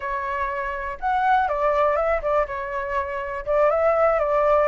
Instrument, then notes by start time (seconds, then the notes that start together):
flute
0.00 C#5
1.00 F#5
1.48 D5
1.96 E5
2.22 D5
2.46 C#5
3.45 D5
3.70 E5
4.19 D5